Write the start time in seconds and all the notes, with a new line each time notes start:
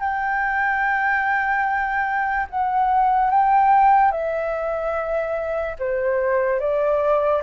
0.00 G5
2.50 F#5
3.30 G5
4.12 E5
5.79 C5
6.60 D5